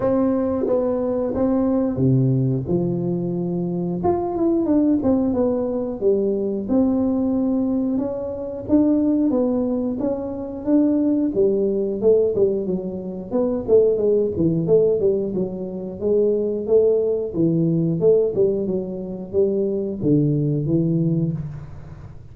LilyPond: \new Staff \with { instrumentName = "tuba" } { \time 4/4 \tempo 4 = 90 c'4 b4 c'4 c4 | f2 f'8 e'8 d'8 c'8 | b4 g4 c'2 | cis'4 d'4 b4 cis'4 |
d'4 g4 a8 g8 fis4 | b8 a8 gis8 e8 a8 g8 fis4 | gis4 a4 e4 a8 g8 | fis4 g4 d4 e4 | }